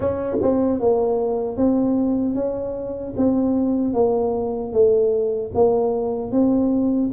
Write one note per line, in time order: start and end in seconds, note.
0.00 0.37 C#4
0.41 0.79 C4
0.79 1.56 A#3
1.56 2.35 C4
2.35 3.14 C#4
3.17 3.93 C4
3.93 4.72 A#3
4.72 5.51 A3
5.54 6.31 A#3
6.31 7.10 C4